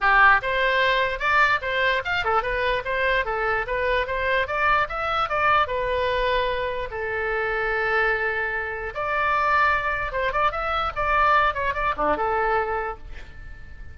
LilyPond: \new Staff \with { instrumentName = "oboe" } { \time 4/4 \tempo 4 = 148 g'4 c''2 d''4 | c''4 f''8 a'8 b'4 c''4 | a'4 b'4 c''4 d''4 | e''4 d''4 b'2~ |
b'4 a'2.~ | a'2 d''2~ | d''4 c''8 d''8 e''4 d''4~ | d''8 cis''8 d''8 d'8 a'2 | }